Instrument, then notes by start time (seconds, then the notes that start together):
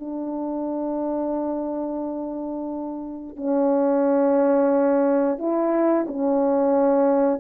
horn
0.00 D4
3.37 C#4
5.39 E4
6.08 C#4